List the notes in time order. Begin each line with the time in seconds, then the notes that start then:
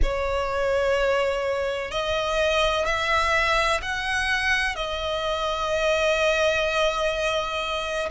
0.02 C#5
1.91 D#5
2.85 E5
3.81 F#5
4.75 D#5